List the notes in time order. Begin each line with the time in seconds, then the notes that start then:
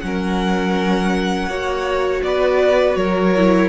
0.00 F#3 C#4 F#5
0.06 A#4
1.48 A#3 F#4 C#5
2.24 B3 B4 D5
2.95 F#3 A#4 C#5
3.37 E4